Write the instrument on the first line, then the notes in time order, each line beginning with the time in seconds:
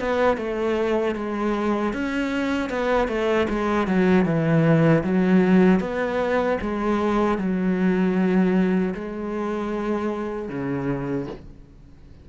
cello
0.00 B3
0.38 A3
1.15 G#3
1.93 C#4
2.70 B3
3.09 A3
3.50 G#3
3.88 F#3
4.26 E3
5.04 F#3
5.81 B3
6.62 G#3
7.38 F#3
8.95 G#3
10.49 C#3